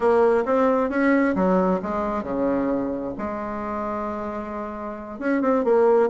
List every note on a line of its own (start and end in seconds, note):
0.00 0.44 A#3
0.45 0.89 C4
0.89 1.34 C#4
1.35 1.80 F#3
1.82 2.23 G#3
2.23 3.13 C#3
3.18 5.19 G#3
5.19 5.41 C#4
5.41 5.64 C4
5.64 6.09 A#3